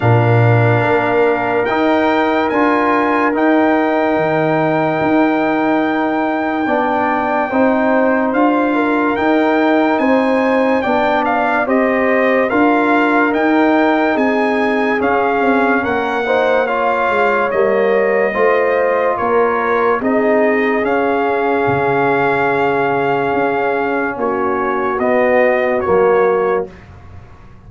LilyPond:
<<
  \new Staff \with { instrumentName = "trumpet" } { \time 4/4 \tempo 4 = 72 f''2 g''4 gis''4 | g''1~ | g''2 f''4 g''4 | gis''4 g''8 f''8 dis''4 f''4 |
g''4 gis''4 f''4 fis''4 | f''4 dis''2 cis''4 | dis''4 f''2.~ | f''4 cis''4 dis''4 cis''4 | }
  \new Staff \with { instrumentName = "horn" } { \time 4/4 ais'1~ | ais'1 | d''4 c''4. ais'4. | c''4 d''4 c''4 ais'4~ |
ais'4 gis'2 ais'8 c''8 | cis''2 c''4 ais'4 | gis'1~ | gis'4 fis'2. | }
  \new Staff \with { instrumentName = "trombone" } { \time 4/4 d'2 dis'4 f'4 | dis'1 | d'4 dis'4 f'4 dis'4~ | dis'4 d'4 g'4 f'4 |
dis'2 cis'4. dis'8 | f'4 ais4 f'2 | dis'4 cis'2.~ | cis'2 b4 ais4 | }
  \new Staff \with { instrumentName = "tuba" } { \time 4/4 ais,4 ais4 dis'4 d'4 | dis'4 dis4 dis'2 | b4 c'4 d'4 dis'4 | c'4 b4 c'4 d'4 |
dis'4 c'4 cis'8 c'8 ais4~ | ais8 gis8 g4 a4 ais4 | c'4 cis'4 cis2 | cis'4 ais4 b4 fis4 | }
>>